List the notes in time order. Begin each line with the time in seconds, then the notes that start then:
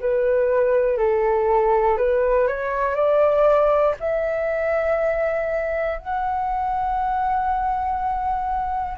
0.00 B4
0.97 A4
1.97 B4
2.47 C#5
2.95 D5
4.00 E5
5.99 F#5